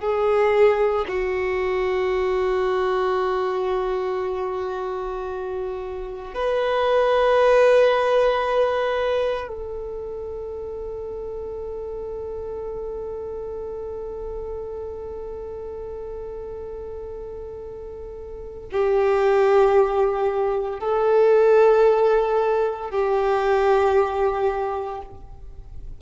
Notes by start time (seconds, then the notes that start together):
0.00 G#4
1.08 F#4
6.33 B4
9.47 A4
18.72 G4
20.79 A4
22.90 G4